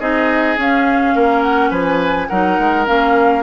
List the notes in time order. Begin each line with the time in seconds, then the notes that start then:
0.00 C4 D#4 G#4 D#5
0.57 C#4 F5
1.15 A#3 A#4
1.42 F#5
1.70 F3 B4 G#5
2.28 F#3 D#4 A#4 F#5
2.59 G#3
2.86 A#3 C#4 F5